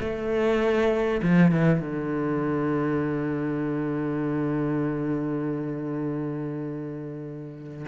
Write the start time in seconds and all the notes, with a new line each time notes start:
0.00 A3
1.22 F3
1.51 E3
1.80 D3